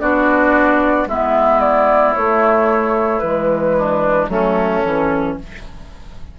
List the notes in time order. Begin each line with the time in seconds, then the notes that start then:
0.00 B3 D4 F#4 D5
1.06 G#3 B3 E4 E5
1.59 D5
2.13 A3 C#5
3.19 E3 G#3 B4
3.78 D4
4.28 F#3 A3 C#4 A4
4.84 E3 C#4